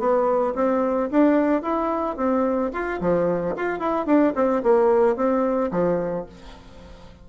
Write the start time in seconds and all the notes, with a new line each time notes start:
0.00 B3
0.56 C4
1.11 D4
1.63 E4
2.17 C4
2.73 F4
3.01 F3
3.57 F4
3.80 E4
4.06 D4
4.36 C4
4.64 A#3
5.17 C4
5.72 F3